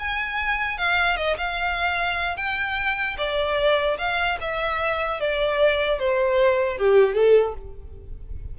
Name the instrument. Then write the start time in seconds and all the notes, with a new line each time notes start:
violin
0.00 G#5
0.78 F5
1.17 D#5
1.38 F5
2.37 G5
3.18 D5
3.99 F5
4.41 E5
5.21 D5
5.99 C5
6.78 G4
7.15 A4